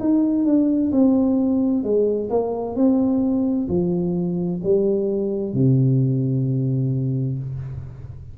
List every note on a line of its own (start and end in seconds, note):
0.00 0.45 D#4
0.45 0.91 D4
0.91 1.83 C4
1.83 2.30 G#3
2.30 2.76 A#3
2.76 3.68 C4
3.68 4.60 F3
4.63 5.53 G3
5.53 7.38 C3